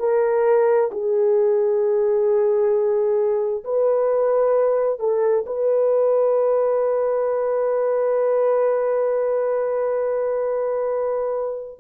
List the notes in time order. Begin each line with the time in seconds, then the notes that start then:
0.00 A#4
0.92 G#4
3.64 B4
5.00 A4
5.47 B4